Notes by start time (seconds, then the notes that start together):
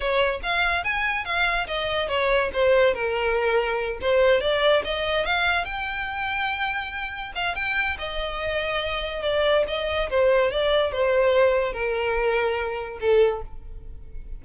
0.00 C#5
0.43 F5
0.84 G#5
1.24 F5
1.67 D#5
2.08 C#5
2.53 C5
2.94 A#4
4.01 C5
4.41 D5
4.84 D#5
5.25 F5
5.64 G5
7.35 F5
7.55 G5
7.98 D#5
9.22 D5
9.67 D#5
10.09 C5
10.51 D5
10.91 C5
11.73 A#4
13.00 A4